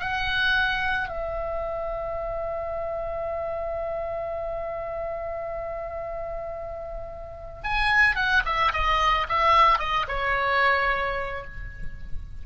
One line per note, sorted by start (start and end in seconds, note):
0.00 1.09 F#5
1.09 7.63 E5
7.64 8.16 G#5
8.16 8.43 F#5
8.46 8.73 E5
8.73 9.28 D#5
9.29 9.79 E5
9.79 10.06 D#5
10.08 11.45 C#5